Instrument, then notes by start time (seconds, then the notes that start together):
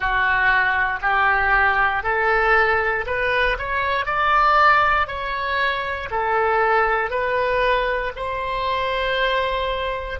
oboe
0.00 F#4
1.01 G4
2.03 A4
3.06 B4
3.58 C#5
4.05 D5
5.07 C#5
6.10 A4
7.10 B4
8.16 C5